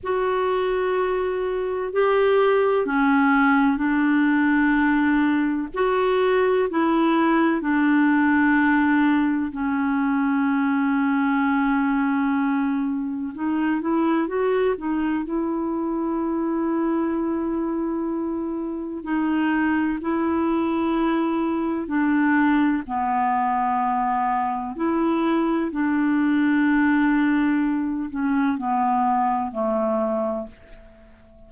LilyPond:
\new Staff \with { instrumentName = "clarinet" } { \time 4/4 \tempo 4 = 63 fis'2 g'4 cis'4 | d'2 fis'4 e'4 | d'2 cis'2~ | cis'2 dis'8 e'8 fis'8 dis'8 |
e'1 | dis'4 e'2 d'4 | b2 e'4 d'4~ | d'4. cis'8 b4 a4 | }